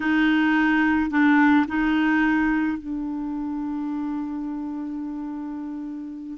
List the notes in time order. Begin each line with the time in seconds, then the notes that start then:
0.00 D#4
1.10 D4
1.67 D#4
2.78 D4